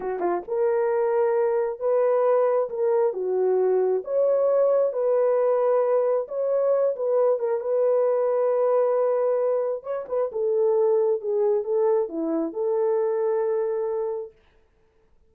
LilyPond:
\new Staff \with { instrumentName = "horn" } { \time 4/4 \tempo 4 = 134 fis'8 f'8 ais'2. | b'2 ais'4 fis'4~ | fis'4 cis''2 b'4~ | b'2 cis''4. b'8~ |
b'8 ais'8 b'2.~ | b'2 cis''8 b'8 a'4~ | a'4 gis'4 a'4 e'4 | a'1 | }